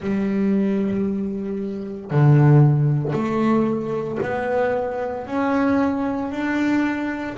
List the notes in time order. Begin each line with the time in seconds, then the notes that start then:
0.00 G3
2.11 D3
3.12 A3
4.22 B3
5.26 C#4
6.31 D4